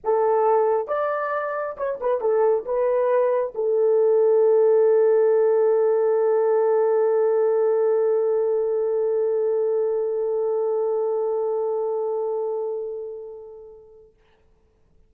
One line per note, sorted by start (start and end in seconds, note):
0.04 0.87 A4
0.87 1.75 D5
1.77 1.99 C#5
2.00 2.20 B4
2.20 2.65 A4
2.65 3.53 B4
3.55 14.13 A4